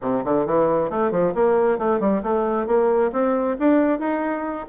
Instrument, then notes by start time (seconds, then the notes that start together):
bassoon
0.01 C3
0.24 D3
0.46 E3
0.89 A3
1.11 F3
1.34 A#3
1.78 A3
2.00 G3
2.22 A3
2.66 A#3
3.12 C4
3.59 D4
3.99 D#4